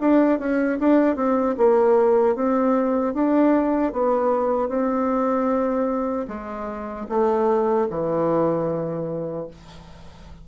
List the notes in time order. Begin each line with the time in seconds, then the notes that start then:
0.00 D4
0.39 C#4
0.79 D4
1.16 C4
1.57 A#3
2.35 C4
3.14 D4
3.93 B3
4.69 C4
6.28 G#3
7.09 A3
7.89 E3